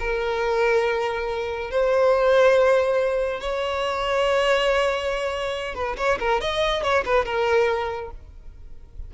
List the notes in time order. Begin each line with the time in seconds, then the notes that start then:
0.00 A#4
1.71 C5
3.41 C#5
5.75 B4
5.97 C#5
6.20 A#4
6.41 D#5
6.83 C#5
7.06 B4
7.25 A#4